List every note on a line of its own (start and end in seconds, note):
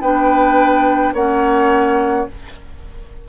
0.00 1.13 B3
0.00 1.15 D4
0.00 1.13 B4
0.00 1.13 G5
1.13 2.26 A#3
1.13 2.28 C#4
1.13 2.26 C#5
1.13 2.28 F#5